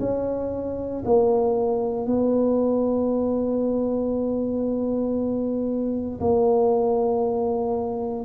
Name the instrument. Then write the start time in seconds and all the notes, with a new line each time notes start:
tuba
0.00 C#4
1.05 A#3
2.06 B3
6.20 A#3